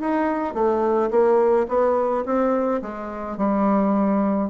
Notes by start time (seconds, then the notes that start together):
0.00 D#4
0.54 A3
1.10 A#3
1.68 B3
2.25 C4
2.82 G#3
3.37 G3